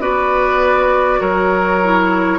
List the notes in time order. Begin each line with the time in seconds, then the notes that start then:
0.00 B3 F#4 B4 D5
1.20 F#3 A#4 C#5
1.83 E4